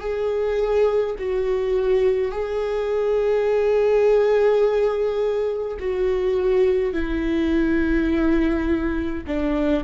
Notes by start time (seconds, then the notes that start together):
0.00 G#4
1.19 F#4
2.31 G#4
5.80 F#4
6.93 E4
9.27 D4